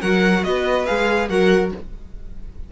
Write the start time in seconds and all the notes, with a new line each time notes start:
0.00 F#3 F#4 A#4 F#5
0.43 B3 B4 D#5
0.85 G#3 G#4 F5
1.28 F#3 F#4 A#4 F#5